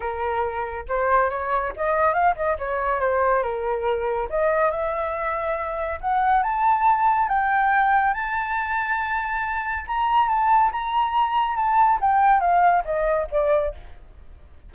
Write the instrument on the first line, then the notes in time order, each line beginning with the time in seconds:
flute
0.00 A#4
0.88 C5
1.30 C#5
1.76 D#5
2.13 F5
2.36 D#5
2.58 C#5
3.00 C5
3.42 A#4
4.29 D#5
4.70 E5
6.01 F#5
6.42 A5
7.28 G5
8.13 A5
9.87 A#5
10.28 A5
10.72 A#5
11.56 A5
12.00 G5
12.40 F5
12.84 D#5
13.31 D5